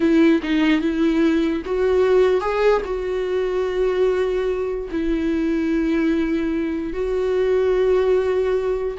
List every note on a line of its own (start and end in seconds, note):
0.00 0.41 E4
0.42 0.80 D#4
0.80 1.62 E4
1.65 2.41 F#4
2.41 2.81 G#4
2.84 4.88 F#4
4.91 6.93 E4
6.93 8.97 F#4